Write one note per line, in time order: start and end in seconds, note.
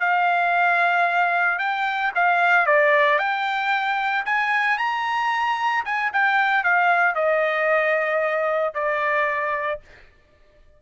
0.00 1.59 F5
1.59 2.12 G5
2.15 2.66 F5
2.66 3.19 D5
3.19 4.25 G5
4.25 4.78 G#5
4.78 5.84 A#5
5.85 6.12 G#5
6.13 6.64 G5
6.64 7.15 F5
7.15 8.74 D#5
8.74 9.80 D5